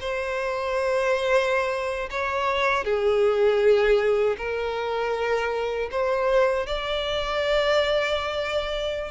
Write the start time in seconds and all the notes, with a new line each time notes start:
0.00 C5
2.10 C#5
2.84 G#4
4.37 A#4
5.91 C5
6.66 D5